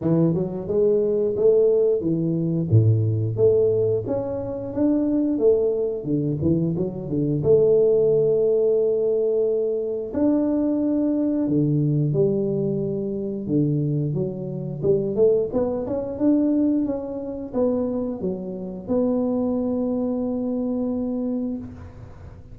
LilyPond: \new Staff \with { instrumentName = "tuba" } { \time 4/4 \tempo 4 = 89 e8 fis8 gis4 a4 e4 | a,4 a4 cis'4 d'4 | a4 d8 e8 fis8 d8 a4~ | a2. d'4~ |
d'4 d4 g2 | d4 fis4 g8 a8 b8 cis'8 | d'4 cis'4 b4 fis4 | b1 | }